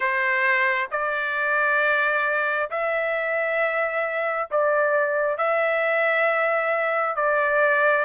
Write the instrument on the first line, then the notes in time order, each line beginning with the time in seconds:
trumpet
0.00 C5
0.91 D5
2.70 E5
4.50 D5
5.37 E5
7.15 D5